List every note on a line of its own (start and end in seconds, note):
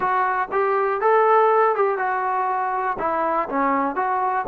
0.00 0.48 F#4
0.51 1.00 G4
1.00 1.75 A4
1.75 1.98 G4
1.98 2.97 F#4
2.99 3.48 E4
3.48 3.95 C#4
3.95 4.45 F#4